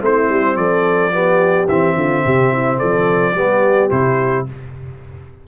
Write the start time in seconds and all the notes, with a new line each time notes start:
0.00 A3 C4 E4 C5
0.29 G3
0.56 F3 A4 D5
1.11 B3 G4
1.68 E3 C4 E5
1.95 D3 F4
2.25 C3 G4
2.52 E4
2.78 F3 A4 D5
3.34 G3 B3 G4
3.90 C3 E4 C5